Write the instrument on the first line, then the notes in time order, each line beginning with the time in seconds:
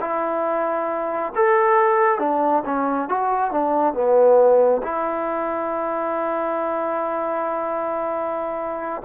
trombone
0.00 E4
1.35 A4
2.19 D4
2.65 C#4
3.09 F#4
3.51 D4
3.93 B3
4.82 E4